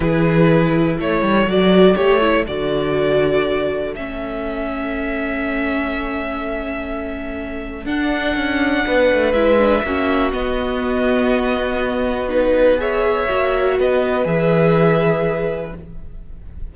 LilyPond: <<
  \new Staff \with { instrumentName = "violin" } { \time 4/4 \tempo 4 = 122 b'2 cis''4 d''4 | cis''4 d''2. | e''1~ | e''1 |
fis''2. e''4~ | e''4 dis''2.~ | dis''4 b'4 e''2 | dis''4 e''2. | }
  \new Staff \with { instrumentName = "violin" } { \time 4/4 gis'2 a'2~ | a'1~ | a'1~ | a'1~ |
a'2 b'2 | fis'1~ | fis'2 cis''2 | b'1 | }
  \new Staff \with { instrumentName = "viola" } { \time 4/4 e'2. fis'4 | g'8 e'8 fis'2. | cis'1~ | cis'1 |
d'2. e'8 d'8 | cis'4 b2.~ | b4 dis'4 gis'4 fis'4~ | fis'4 gis'2. | }
  \new Staff \with { instrumentName = "cello" } { \time 4/4 e2 a8 g8 fis4 | a4 d2. | a1~ | a1 |
d'4 cis'4 b8 a8 gis4 | ais4 b2.~ | b2. ais4 | b4 e2. | }
>>